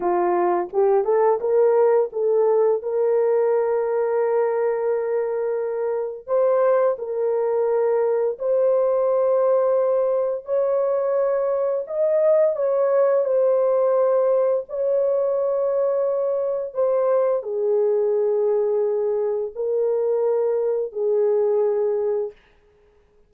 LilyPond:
\new Staff \with { instrumentName = "horn" } { \time 4/4 \tempo 4 = 86 f'4 g'8 a'8 ais'4 a'4 | ais'1~ | ais'4 c''4 ais'2 | c''2. cis''4~ |
cis''4 dis''4 cis''4 c''4~ | c''4 cis''2. | c''4 gis'2. | ais'2 gis'2 | }